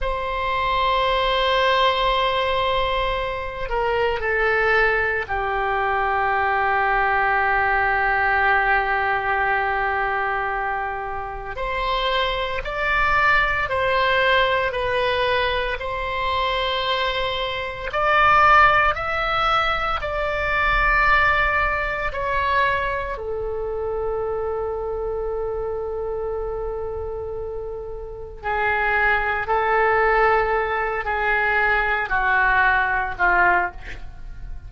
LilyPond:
\new Staff \with { instrumentName = "oboe" } { \time 4/4 \tempo 4 = 57 c''2.~ c''8 ais'8 | a'4 g'2.~ | g'2. c''4 | d''4 c''4 b'4 c''4~ |
c''4 d''4 e''4 d''4~ | d''4 cis''4 a'2~ | a'2. gis'4 | a'4. gis'4 fis'4 f'8 | }